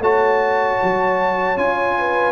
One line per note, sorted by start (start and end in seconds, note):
0.00 0.78 A3
0.00 1.57 F#4
0.00 1.97 C#5
0.00 1.58 A5
0.83 1.57 F#3
1.57 2.32 C#4
1.57 2.32 F4
1.57 2.32 G#5
1.98 2.32 B4